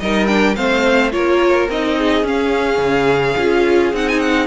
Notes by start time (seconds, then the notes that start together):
0.00 G3 D#4 A#4 D#5
0.27 D4 G5
0.56 A3 C4 C5 F5
1.11 A#3 F4 A#4 C#5
1.69 C4 D#4 D#5
1.97 G#4
2.23 C#4 F5
2.78 C#3
3.38 C#4 F4
3.93 C4 D#4 F#5
4.09 G#5
4.20 F#5